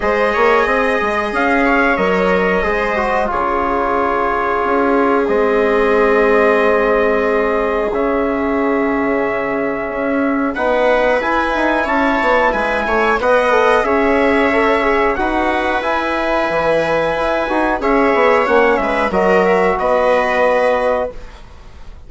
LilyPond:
<<
  \new Staff \with { instrumentName = "trumpet" } { \time 4/4 \tempo 4 = 91 dis''2 f''4 dis''4~ | dis''4 cis''2. | dis''1 | e''1 |
fis''4 gis''4 a''4 gis''4 | fis''4 e''2 fis''4 | gis''2. e''4 | fis''8 e''8 dis''8 e''8 dis''2 | }
  \new Staff \with { instrumentName = "viola" } { \time 4/4 c''8 cis''8 dis''4. cis''4. | c''4 gis'2.~ | gis'1~ | gis'1 |
b'2 cis''4 b'8 cis''8 | dis''4 cis''2 b'4~ | b'2. cis''4~ | cis''8 b'8 ais'4 b'2 | }
  \new Staff \with { instrumentName = "trombone" } { \time 4/4 gis'2. ais'4 | gis'8 fis'8 f'2. | c'1 | cis'1 |
dis'4 e'2. | b'8 a'8 gis'4 a'8 gis'8 fis'4 | e'2~ e'8 fis'8 gis'4 | cis'4 fis'2. | }
  \new Staff \with { instrumentName = "bassoon" } { \time 4/4 gis8 ais8 c'8 gis8 cis'4 fis4 | gis4 cis2 cis'4 | gis1 | cis2. cis'4 |
b4 e'8 dis'8 cis'8 b8 gis8 a8 | b4 cis'2 dis'4 | e'4 e4 e'8 dis'8 cis'8 b8 | ais8 gis8 fis4 b2 | }
>>